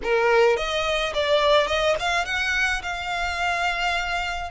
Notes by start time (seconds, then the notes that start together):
0.03 A#4
0.56 D#5
1.13 D5
1.67 D#5
1.99 F5
2.25 F#5
2.82 F5